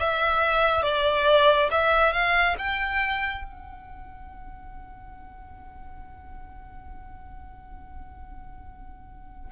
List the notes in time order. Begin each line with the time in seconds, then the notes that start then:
0.00 E5
0.83 D5
1.71 E5
2.13 F5
2.58 G5
3.44 F#5